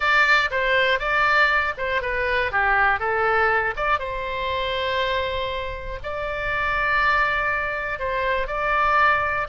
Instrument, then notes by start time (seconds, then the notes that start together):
oboe
0.00 D5
0.50 C5
0.99 D5
1.77 C5
2.01 B4
2.51 G4
2.99 A4
3.76 D5
3.99 C5
6.03 D5
7.99 C5
8.47 D5